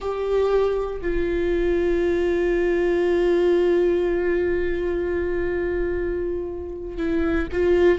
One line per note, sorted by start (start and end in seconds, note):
0.00 1.00 G4
1.01 6.97 F4
6.97 7.47 E4
7.52 7.98 F4